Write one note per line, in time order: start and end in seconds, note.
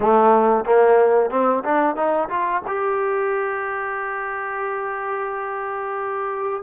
0.00 0.64 A3
0.64 1.30 A#3
1.30 1.63 C4
1.64 1.95 D4
1.95 2.28 D#4
2.29 2.62 F4
2.67 6.62 G4